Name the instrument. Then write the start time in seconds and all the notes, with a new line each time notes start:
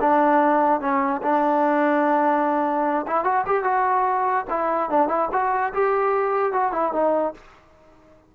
trombone
0.00 D4
0.81 C#4
1.22 D4
3.07 E4
3.24 F#4
3.46 G4
3.64 F#4
4.50 E4
4.90 D4
5.08 E4
5.32 F#4
5.73 G4
6.52 F#4
6.72 E4
6.93 D#4